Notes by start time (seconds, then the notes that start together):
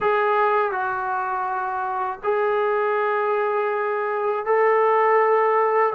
0.00 G#4
0.71 F#4
2.23 G#4
4.45 A4